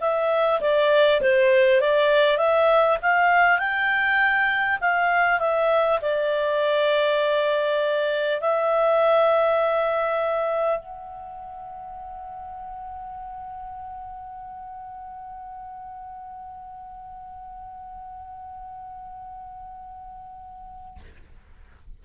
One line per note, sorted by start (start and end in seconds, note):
0.00 0.60 E5
0.60 1.20 D5
1.21 1.81 C5
1.81 2.37 D5
2.37 2.97 E5
3.02 3.58 F5
3.58 4.78 G5
4.80 5.39 F5
5.39 5.99 E5
6.01 8.40 D5
8.40 10.79 E5
10.79 20.99 F#5